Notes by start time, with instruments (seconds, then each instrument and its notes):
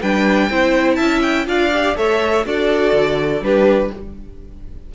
0.00 cello G3, viola D4, violin B4 G5
0.50 cello C4, viola E4, violin C5
0.95 cello C#4, violin E5 A5
1.22 violin G5
1.46 cello D4, viola F4, violin D5 F5
1.74 viola G4
1.96 cello A3, viola A4, violin C#5 E5
2.45 cello D4, viola F#4, violin A4 D5
2.92 cello D3
3.41 cello G3, viola D4, violin G4 B4